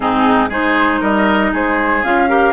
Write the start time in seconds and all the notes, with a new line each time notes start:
0.00 G#2 C4 D#4 G#4
0.49 G#3 D#4 G#4 C5
1.00 G3 A#4 D#5
1.52 G#3 G#4 C5
2.03 C#4 F4 F5
2.28 G4 A#4